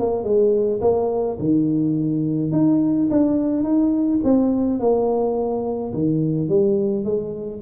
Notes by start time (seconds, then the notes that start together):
0.00 A#3
0.24 G#3
0.82 A#3
1.40 D#3
2.52 D#4
3.11 D4
3.64 D#4
4.24 C4
4.80 A#3
5.94 D#3
6.49 G3
7.05 G#3